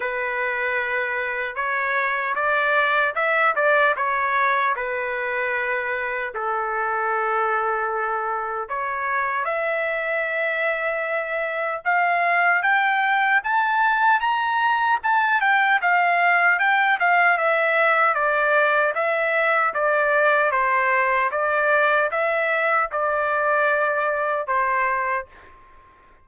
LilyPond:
\new Staff \with { instrumentName = "trumpet" } { \time 4/4 \tempo 4 = 76 b'2 cis''4 d''4 | e''8 d''8 cis''4 b'2 | a'2. cis''4 | e''2. f''4 |
g''4 a''4 ais''4 a''8 g''8 | f''4 g''8 f''8 e''4 d''4 | e''4 d''4 c''4 d''4 | e''4 d''2 c''4 | }